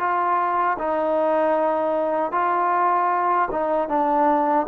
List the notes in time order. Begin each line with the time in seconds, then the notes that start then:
0.00 F4
0.79 D#4
2.32 F4
3.51 D#4
3.89 D4